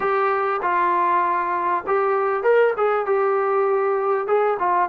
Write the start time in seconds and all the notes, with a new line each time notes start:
0.00 G4
0.62 F4
1.86 G4
2.43 A#4
2.76 G#4
3.06 G4
4.27 G#4
4.59 F4